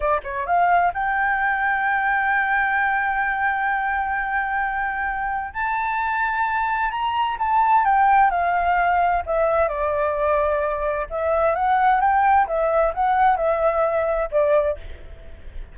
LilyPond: \new Staff \with { instrumentName = "flute" } { \time 4/4 \tempo 4 = 130 d''8 cis''8 f''4 g''2~ | g''1~ | g''1 | a''2. ais''4 |
a''4 g''4 f''2 | e''4 d''2. | e''4 fis''4 g''4 e''4 | fis''4 e''2 d''4 | }